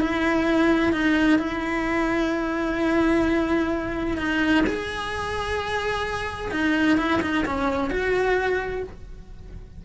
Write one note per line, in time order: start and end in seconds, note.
0.00 0.93 E4
0.93 1.38 D#4
1.38 4.17 E4
4.17 4.64 D#4
4.67 6.51 G#4
6.51 6.97 D#4
6.97 7.21 E4
7.22 7.45 D#4
7.45 7.90 C#4
7.90 8.83 F#4